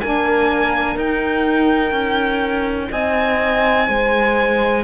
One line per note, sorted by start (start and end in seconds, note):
0.00 0.96 A#3
0.00 0.98 D4
0.00 2.91 A#4
0.00 0.97 G#5
0.96 1.91 D#4
0.96 4.84 D#4
0.96 2.91 G5
1.91 2.88 C#4
2.91 3.88 C4
2.91 3.87 D#5
2.91 4.84 G#5
3.88 4.84 G#3
3.88 4.84 C5